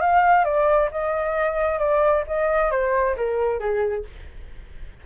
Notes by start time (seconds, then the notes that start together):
0.00 F5
0.44 D5
0.91 D#5
1.79 D5
2.26 D#5
2.71 C5
3.16 A#4
3.59 G#4